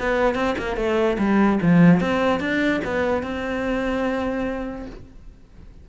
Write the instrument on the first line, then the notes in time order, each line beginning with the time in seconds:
cello
0.00 B3
0.35 C4
0.58 A#3
0.77 A3
1.19 G3
1.62 F3
2.01 C4
2.40 D4
2.85 B3
3.23 C4